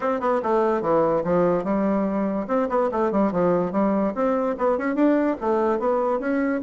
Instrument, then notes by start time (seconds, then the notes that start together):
bassoon
0.00 C4
0.20 B3
0.43 A3
0.81 E3
1.23 F3
1.64 G3
2.47 C4
2.69 B3
2.91 A3
3.11 G3
3.32 F3
3.72 G3
4.14 C4
4.57 B3
4.78 C#4
4.95 D4
5.40 A3
5.79 B3
6.19 C#4